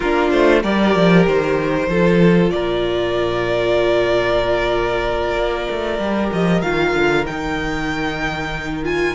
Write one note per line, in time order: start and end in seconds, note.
0.00 0.32 A#3
0.00 0.62 D4
0.00 0.62 F4
0.00 0.29 A#4
0.31 0.63 A3
0.31 0.62 C5
0.62 0.95 G3
0.62 1.89 G4
0.62 1.89 A#4
0.62 1.26 D5
0.95 1.27 F3
1.26 1.88 D#3
1.26 2.50 C5
1.88 2.51 F3
1.88 5.99 F4
1.88 2.52 A4
2.50 5.35 A#2
2.50 9.14 A#4
2.50 6.29 D5
5.35 5.67 A#3
5.71 5.98 A3
5.98 6.30 G3
5.98 6.62 G4
6.32 6.62 F3
6.32 6.61 D#5
6.61 6.93 D#3
6.61 7.25 F4
6.61 7.24 F5
6.93 7.25 D3
7.26 9.14 D#3
7.26 8.83 D#4
7.26 8.84 G5
8.83 9.14 F4
8.83 9.14 G#5